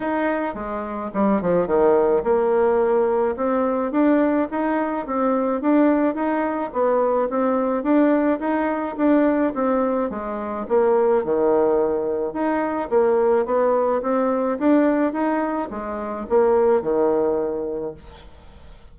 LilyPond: \new Staff \with { instrumentName = "bassoon" } { \time 4/4 \tempo 4 = 107 dis'4 gis4 g8 f8 dis4 | ais2 c'4 d'4 | dis'4 c'4 d'4 dis'4 | b4 c'4 d'4 dis'4 |
d'4 c'4 gis4 ais4 | dis2 dis'4 ais4 | b4 c'4 d'4 dis'4 | gis4 ais4 dis2 | }